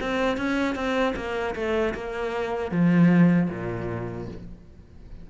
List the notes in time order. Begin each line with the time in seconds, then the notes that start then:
0.00 C4
0.37 C#4
0.75 C4
1.15 A#3
1.55 A3
1.94 A#3
2.71 F3
3.50 A#2